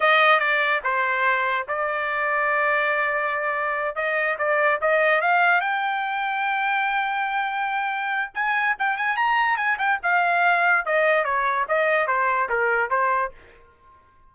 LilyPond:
\new Staff \with { instrumentName = "trumpet" } { \time 4/4 \tempo 4 = 144 dis''4 d''4 c''2 | d''1~ | d''4. dis''4 d''4 dis''8~ | dis''8 f''4 g''2~ g''8~ |
g''1 | gis''4 g''8 gis''8 ais''4 gis''8 g''8 | f''2 dis''4 cis''4 | dis''4 c''4 ais'4 c''4 | }